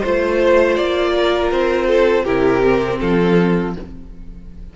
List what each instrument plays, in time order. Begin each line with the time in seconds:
0.00 cello A3, viola F4, violin C5
0.76 cello A#3, violin D5
1.16 violin A#4
1.51 cello C4, violin C5
1.87 violin A4
2.24 cello C3, viola E4, violin G4 A#4
2.64 viola C4
3.00 cello F3, violin F4 A4